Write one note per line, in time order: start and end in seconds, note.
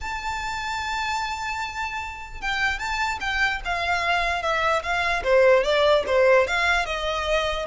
0.01 2.41 A5
2.41 2.78 G5
2.78 3.18 A5
3.20 3.60 G5
3.64 4.42 F5
4.42 4.82 E5
4.82 5.23 F5
5.23 5.63 C5
5.63 6.03 D5
6.07 6.47 C5
6.47 6.85 F5
6.85 7.66 D#5